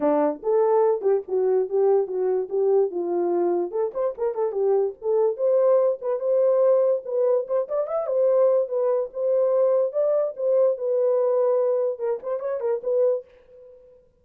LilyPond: \new Staff \with { instrumentName = "horn" } { \time 4/4 \tempo 4 = 145 d'4 a'4. g'8 fis'4 | g'4 fis'4 g'4 f'4~ | f'4 a'8 c''8 ais'8 a'8 g'4 | a'4 c''4. b'8 c''4~ |
c''4 b'4 c''8 d''8 e''8 c''8~ | c''4 b'4 c''2 | d''4 c''4 b'2~ | b'4 ais'8 c''8 cis''8 ais'8 b'4 | }